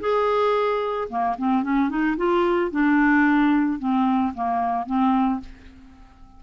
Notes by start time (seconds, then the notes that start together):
0.00 G#4
1.09 A#3
1.38 C4
1.63 C#4
1.89 D#4
2.17 F4
2.71 D4
3.79 C4
4.34 A#3
4.86 C4